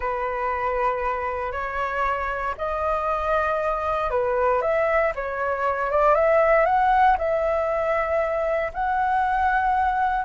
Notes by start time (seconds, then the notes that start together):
0.00 B4
1.52 C#5
2.57 D#5
4.10 B4
4.61 E5
5.15 C#5
5.90 D5
6.14 E5
6.65 F#5
7.17 E5
8.73 F#5